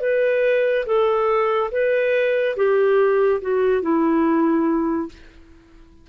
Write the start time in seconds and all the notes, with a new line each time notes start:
0.00 B4
0.86 A4
1.71 B4
2.56 G4
3.41 F#4
3.81 E4